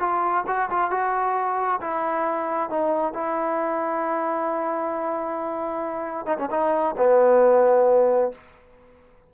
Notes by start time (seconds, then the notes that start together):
0.00 F4
0.47 F#4
0.71 F4
0.91 F#4
1.81 E4
2.70 D#4
3.14 E4
6.26 D#4
6.38 C#4
6.51 D#4
6.98 B3